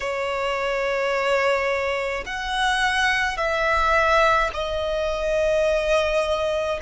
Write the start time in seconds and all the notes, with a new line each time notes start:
0.00 C#5
2.26 F#5
3.37 E5
4.53 D#5